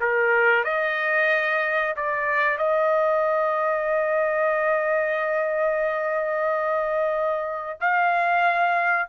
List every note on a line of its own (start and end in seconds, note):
0.00 0.64 A#4
0.64 1.94 D#5
1.96 2.58 D5
2.58 7.79 D#5
7.80 9.09 F5